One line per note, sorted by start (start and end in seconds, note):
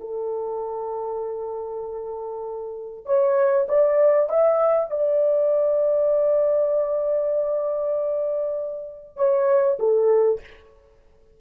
0.00 3.06 A4
3.06 3.67 C#5
3.68 4.29 D5
4.29 4.90 E5
4.90 9.17 D5
9.17 9.78 C#5
9.79 10.40 A4